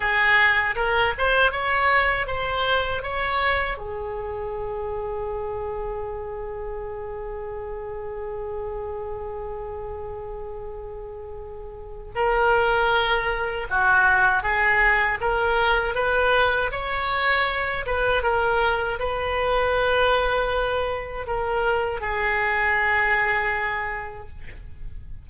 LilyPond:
\new Staff \with { instrumentName = "oboe" } { \time 4/4 \tempo 4 = 79 gis'4 ais'8 c''8 cis''4 c''4 | cis''4 gis'2.~ | gis'1~ | gis'1 |
ais'2 fis'4 gis'4 | ais'4 b'4 cis''4. b'8 | ais'4 b'2. | ais'4 gis'2. | }